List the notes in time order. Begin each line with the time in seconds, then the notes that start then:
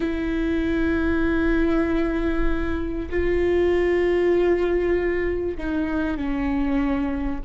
0.00 E4
3.09 F4
5.57 D#4
6.17 C#4